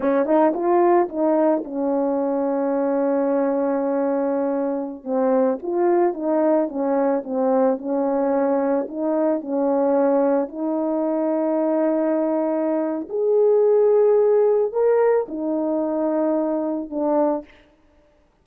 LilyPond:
\new Staff \with { instrumentName = "horn" } { \time 4/4 \tempo 4 = 110 cis'8 dis'8 f'4 dis'4 cis'4~ | cis'1~ | cis'4~ cis'16 c'4 f'4 dis'8.~ | dis'16 cis'4 c'4 cis'4.~ cis'16~ |
cis'16 dis'4 cis'2 dis'8.~ | dis'1 | gis'2. ais'4 | dis'2. d'4 | }